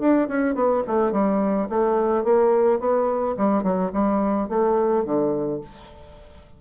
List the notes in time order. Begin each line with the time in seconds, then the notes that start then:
0.00 D4
0.28 C#4
0.55 B3
0.87 A3
1.12 G3
1.69 A3
2.24 A#3
2.80 B3
3.37 G3
3.63 F#3
3.93 G3
4.49 A3
5.05 D3